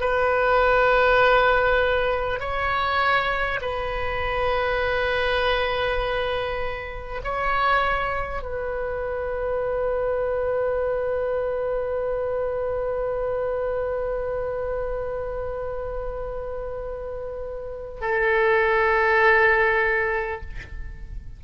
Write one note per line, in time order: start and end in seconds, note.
0.00 2.39 B4
2.39 3.59 C#5
3.61 7.21 B4
7.24 8.42 C#5
8.42 18.01 B4
18.01 20.41 A4